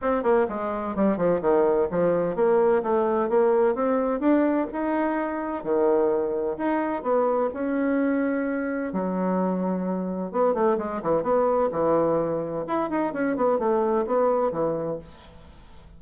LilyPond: \new Staff \with { instrumentName = "bassoon" } { \time 4/4 \tempo 4 = 128 c'8 ais8 gis4 g8 f8 dis4 | f4 ais4 a4 ais4 | c'4 d'4 dis'2 | dis2 dis'4 b4 |
cis'2. fis4~ | fis2 b8 a8 gis8 e8 | b4 e2 e'8 dis'8 | cis'8 b8 a4 b4 e4 | }